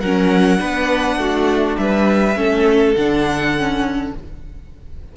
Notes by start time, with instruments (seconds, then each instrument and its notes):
0.00 cello F#3, viola C#4, violin A#4 F#5
0.57 cello B3, viola D4, violin B4
1.17 cello A3, violin F#4
1.77 cello G3, violin B4 E5
2.36 cello A3, viola C#4, violin A4
2.95 cello D3, viola D4, violin F#5
3.58 viola C#4